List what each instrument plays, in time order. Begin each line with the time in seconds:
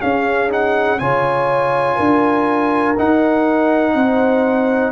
0.00 trombone C#4, tuba C#4, horn G#4, trumpet F5
0.49 trombone D#4, trumpet F#5
0.99 tuba C#3, trombone F4, horn C#5, trumpet G#5
1.97 tuba D4, horn A#4
2.98 trombone D#4, tuba D#4, trumpet F#5
3.95 tuba C4, horn C5